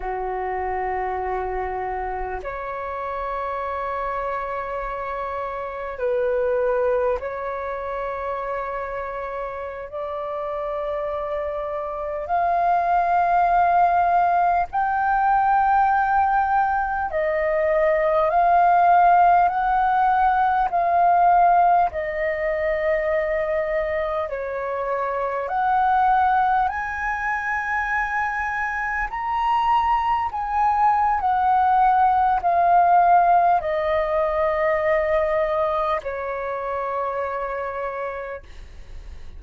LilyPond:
\new Staff \with { instrumentName = "flute" } { \time 4/4 \tempo 4 = 50 fis'2 cis''2~ | cis''4 b'4 cis''2~ | cis''16 d''2 f''4.~ f''16~ | f''16 g''2 dis''4 f''8.~ |
f''16 fis''4 f''4 dis''4.~ dis''16~ | dis''16 cis''4 fis''4 gis''4.~ gis''16~ | gis''16 ais''4 gis''8. fis''4 f''4 | dis''2 cis''2 | }